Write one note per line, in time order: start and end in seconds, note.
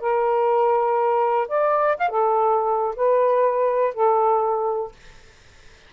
0.00 1.48 A#4
1.48 1.97 D5
1.97 2.09 F5
2.09 2.95 A4
2.96 3.94 B4
3.94 4.92 A4